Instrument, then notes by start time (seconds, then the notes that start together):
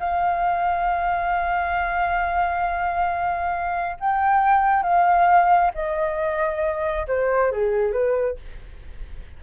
flute
0.00 F5
4.00 G5
4.83 F5
5.75 D#5
7.08 C5
7.52 G#4
7.93 B4